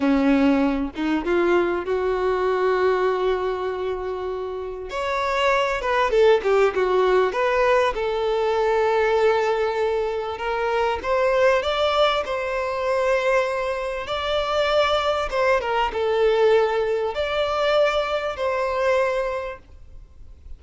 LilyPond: \new Staff \with { instrumentName = "violin" } { \time 4/4 \tempo 4 = 98 cis'4. dis'8 f'4 fis'4~ | fis'1 | cis''4. b'8 a'8 g'8 fis'4 | b'4 a'2.~ |
a'4 ais'4 c''4 d''4 | c''2. d''4~ | d''4 c''8 ais'8 a'2 | d''2 c''2 | }